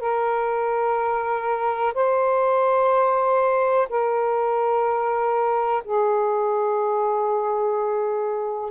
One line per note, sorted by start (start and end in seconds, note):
0.00 1.94 A#4
1.94 3.88 C5
3.90 5.83 A#4
5.84 8.71 G#4